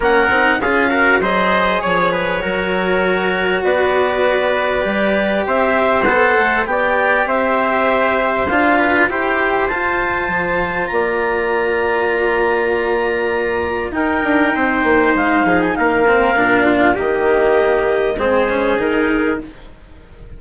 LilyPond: <<
  \new Staff \with { instrumentName = "clarinet" } { \time 4/4 \tempo 4 = 99 fis''4 f''4 dis''4 cis''4~ | cis''2 d''2~ | d''4 e''4 fis''4 g''4 | e''2 f''4 g''4 |
a''2 ais''2~ | ais''2. g''4~ | g''4 f''8. gis''16 f''2 | dis''2 c''4 ais'4 | }
  \new Staff \with { instrumentName = "trumpet" } { \time 4/4 ais'4 gis'8 ais'8 c''4 cis''8 b'8 | ais'2 b'2~ | b'4 c''2 d''4 | c''2~ c''8 b'8 c''4~ |
c''2 d''2~ | d''2. ais'4 | c''4. gis'8 ais'4. f'8 | g'2 gis'2 | }
  \new Staff \with { instrumentName = "cello" } { \time 4/4 cis'8 dis'8 f'8 fis'8 gis'2 | fis'1 | g'2 a'4 g'4~ | g'2 f'4 g'4 |
f'1~ | f'2. dis'4~ | dis'2~ dis'8 c'8 d'4 | ais2 c'8 cis'8 dis'4 | }
  \new Staff \with { instrumentName = "bassoon" } { \time 4/4 ais8 c'8 cis'4 fis4 f4 | fis2 b2 | g4 c'4 b8 a8 b4 | c'2 d'4 e'4 |
f'4 f4 ais2~ | ais2. dis'8 d'8 | c'8 ais8 gis8 f8 ais4 ais,4 | dis2 gis4 dis4 | }
>>